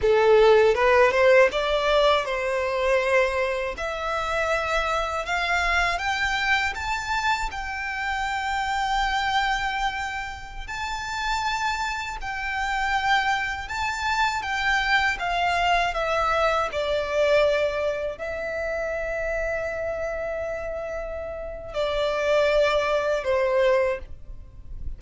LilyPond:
\new Staff \with { instrumentName = "violin" } { \time 4/4 \tempo 4 = 80 a'4 b'8 c''8 d''4 c''4~ | c''4 e''2 f''4 | g''4 a''4 g''2~ | g''2~ g''16 a''4.~ a''16~ |
a''16 g''2 a''4 g''8.~ | g''16 f''4 e''4 d''4.~ d''16~ | d''16 e''2.~ e''8.~ | e''4 d''2 c''4 | }